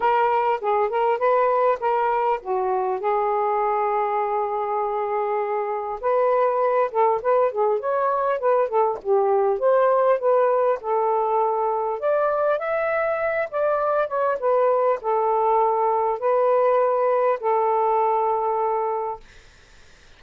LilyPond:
\new Staff \with { instrumentName = "saxophone" } { \time 4/4 \tempo 4 = 100 ais'4 gis'8 ais'8 b'4 ais'4 | fis'4 gis'2.~ | gis'2 b'4. a'8 | b'8 gis'8 cis''4 b'8 a'8 g'4 |
c''4 b'4 a'2 | d''4 e''4. d''4 cis''8 | b'4 a'2 b'4~ | b'4 a'2. | }